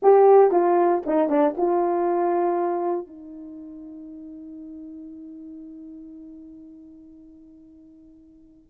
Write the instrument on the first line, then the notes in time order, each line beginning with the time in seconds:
horn
0.02 G4
0.51 F4
1.06 D#4
1.29 D4
1.57 F4
3.06 D#4